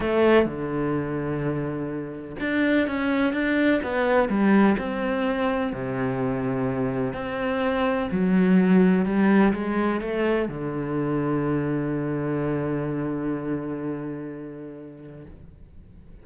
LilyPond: \new Staff \with { instrumentName = "cello" } { \time 4/4 \tempo 4 = 126 a4 d2.~ | d4 d'4 cis'4 d'4 | b4 g4 c'2 | c2. c'4~ |
c'4 fis2 g4 | gis4 a4 d2~ | d1~ | d1 | }